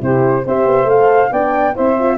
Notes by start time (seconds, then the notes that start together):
0.00 C3 E4 G4 C5
0.44 C4 G4 C5 E5
0.65 B3
0.84 A3 A4 F5
1.30 B3 D4 D5 G5
1.74 C4 E4 C5 E5
1.99 F4